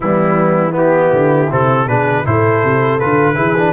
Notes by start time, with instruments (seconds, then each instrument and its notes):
0.00 tuba E3, trombone G3, horn B3, trumpet E4
0.71 trombone B3, horn E4
0.77 trumpet G4
1.12 tuba D3
1.50 tuba C3, trombone C4, trumpet A4
1.87 tuba B2, trombone D4, horn G#4, trumpet B4
2.24 tuba A2, trombone E4, horn A4, trumpet C5
2.63 tuba C3
2.99 tuba D3, trombone F4, trumpet B4
3.35 tuba E3, trombone E4, horn G#4
3.57 trombone D4